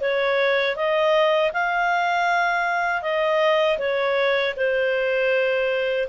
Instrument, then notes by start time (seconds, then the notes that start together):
clarinet
0.00 C#5
0.76 D#5
1.53 F5
3.01 D#5
3.78 C#5
4.56 C5